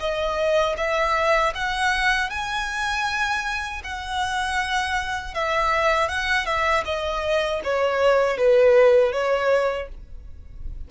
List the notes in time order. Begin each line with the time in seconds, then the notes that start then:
0.00 D#5
0.77 E5
1.55 F#5
2.30 G#5
3.84 F#5
5.34 E5
6.09 F#5
6.46 E5
6.85 D#5
7.64 C#5
8.38 B4
9.12 C#5